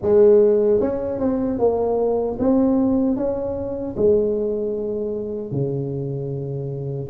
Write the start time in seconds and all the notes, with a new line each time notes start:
0.02 G#3
0.80 C#4
1.19 C4
1.59 A#3
2.39 C4
3.16 C#4
3.96 G#3
5.51 C#3